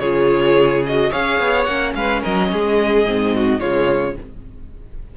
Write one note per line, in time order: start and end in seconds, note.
0.00 1.11 C#3
0.00 0.86 F4
0.00 1.10 G#4
0.00 0.83 C#5
0.87 1.12 F#4
0.87 1.13 D#5
1.10 1.41 C#4
1.10 1.67 G#4
1.10 1.94 C#5
1.10 1.65 F5
1.41 1.67 B3
1.65 1.95 A#3
1.65 3.07 C#4
1.65 1.93 F#5
1.95 2.23 G#3
1.95 2.22 B4
1.95 2.23 F5
2.22 2.53 F#3
2.22 2.50 A#4
2.22 3.60 D#5
2.53 3.05 G#3
2.53 3.36 G#4
3.05 3.61 G#2
3.05 3.60 C4
3.36 3.61 F#4
3.60 4.18 C#3
3.60 4.16 G#3
3.60 4.16 F4
3.60 4.16 C#5